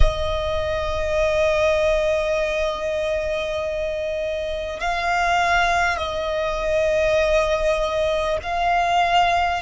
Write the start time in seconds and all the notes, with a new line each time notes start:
0.00 D#5
4.80 F5
5.97 D#5
8.43 F5